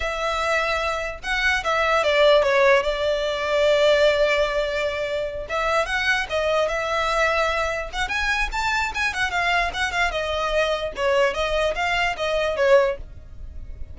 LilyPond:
\new Staff \with { instrumentName = "violin" } { \time 4/4 \tempo 4 = 148 e''2. fis''4 | e''4 d''4 cis''4 d''4~ | d''1~ | d''4. e''4 fis''4 dis''8~ |
dis''8 e''2. fis''8 | gis''4 a''4 gis''8 fis''8 f''4 | fis''8 f''8 dis''2 cis''4 | dis''4 f''4 dis''4 cis''4 | }